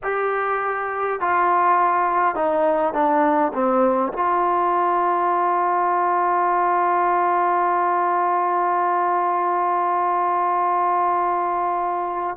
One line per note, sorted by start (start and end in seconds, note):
0.03 1.20 G4
1.20 2.35 F4
2.35 2.93 D#4
2.93 3.52 D4
3.53 4.12 C4
4.13 12.36 F4